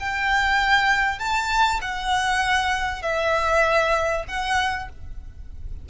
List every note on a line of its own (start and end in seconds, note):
0.00 1.19 G5
1.19 1.80 A5
1.81 3.03 F#5
3.03 4.25 E5
4.28 4.89 F#5